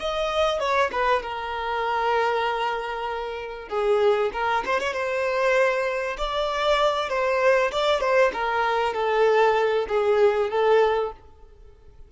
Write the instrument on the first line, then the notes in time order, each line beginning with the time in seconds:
violin
0.00 D#5
0.60 C#5
0.92 B4
1.22 A#4
3.69 G#4
4.33 A#4
4.66 C5
4.80 C#5
4.93 C5
6.18 D5
7.10 C5
7.72 D5
8.01 C5
8.33 A#4
8.94 A4
9.89 G#4
10.50 A4